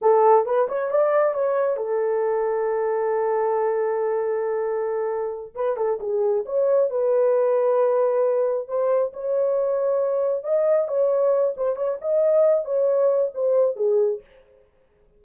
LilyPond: \new Staff \with { instrumentName = "horn" } { \time 4/4 \tempo 4 = 135 a'4 b'8 cis''8 d''4 cis''4 | a'1~ | a'1~ | a'8 b'8 a'8 gis'4 cis''4 b'8~ |
b'2.~ b'8 c''8~ | c''8 cis''2. dis''8~ | dis''8 cis''4. c''8 cis''8 dis''4~ | dis''8 cis''4. c''4 gis'4 | }